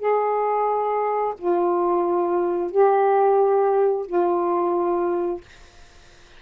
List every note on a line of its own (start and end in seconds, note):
0.00 1.35 G#4
1.39 2.72 F4
2.72 4.06 G4
4.06 5.41 F4